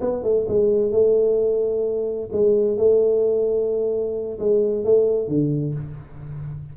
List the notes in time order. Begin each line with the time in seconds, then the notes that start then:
0.00 B3
0.23 A3
0.48 G#3
0.91 A3
2.32 G#3
2.77 A3
4.39 G#3
4.84 A3
5.28 D3